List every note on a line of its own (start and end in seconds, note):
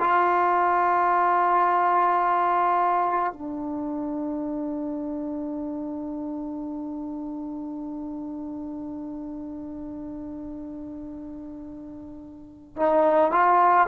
0.00 3.33 F4
3.33 12.76 D4
12.76 13.32 D#4
13.32 13.87 F4